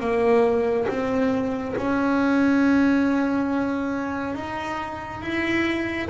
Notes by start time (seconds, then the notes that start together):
0.00 A#3
0.88 C4
1.76 C#4
4.34 D#4
5.21 E4